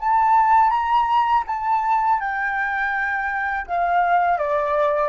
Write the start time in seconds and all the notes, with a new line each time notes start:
0.00 A5
0.71 A#5
1.47 A5
2.20 G5
3.67 F5
4.38 D5